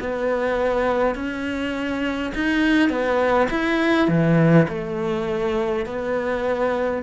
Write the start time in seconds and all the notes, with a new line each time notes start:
0.00 B3
1.15 C#4
2.35 D#4
2.90 B3
3.50 E4
4.09 E3
4.68 A3
5.86 B3